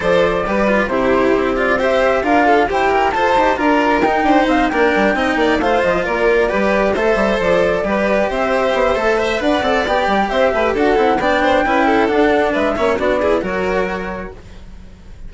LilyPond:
<<
  \new Staff \with { instrumentName = "flute" } { \time 4/4 \tempo 4 = 134 d''2 c''4. d''8 | e''4 f''4 g''4 a''4 | ais''4 g''4 f''8 g''4.~ | g''8 f''8 dis''8 d''2 e''8~ |
e''8 d''2 e''4.~ | e''4 fis''4 g''4 e''4 | fis''4 g''2 fis''4 | e''4 d''4 cis''2 | }
  \new Staff \with { instrumentName = "violin" } { \time 4/4 c''4 b'4 g'2 | c''4 ais'8 a'8 g'4 c''4 | ais'4. c''4 ais'4 dis''8 | d''8 c''4 ais'4 b'4 c''8~ |
c''4. b'4 c''4.~ | c''8 e''8 d''2 c''8 b'8 | a'4 d''8 c''8 b'8 a'4. | b'8 cis''8 fis'8 gis'8 ais'2 | }
  \new Staff \with { instrumentName = "cello" } { \time 4/4 a'4 g'8 f'8 e'4. f'8 | g'4 f'4 c''8 ais'8 a'8 g'8 | f'4 dis'4. d'4 dis'8~ | dis'8 f'2 g'4 a'8~ |
a'4. g'2~ g'8 | a'8 c''8 b'8 a'8 g'2 | fis'8 e'8 d'4 e'4 d'4~ | d'8 cis'8 d'8 e'8 fis'2 | }
  \new Staff \with { instrumentName = "bassoon" } { \time 4/4 f4 g4 c4 c'4~ | c'4 d'4 e'4 f'8 dis'8 | d'4 dis'8 d'8 c'8 ais8 g8 c'8 | ais8 a8 f8 ais4 g4 a8 |
g8 f4 g4 c'4 b8 | a4 d'8 c'8 b8 g8 c'8 a8 | d'8 c'8 b4 cis'4 d'4 | gis8 ais8 b4 fis2 | }
>>